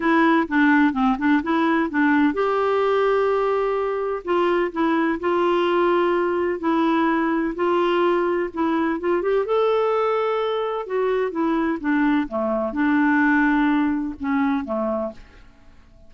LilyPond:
\new Staff \with { instrumentName = "clarinet" } { \time 4/4 \tempo 4 = 127 e'4 d'4 c'8 d'8 e'4 | d'4 g'2.~ | g'4 f'4 e'4 f'4~ | f'2 e'2 |
f'2 e'4 f'8 g'8 | a'2. fis'4 | e'4 d'4 a4 d'4~ | d'2 cis'4 a4 | }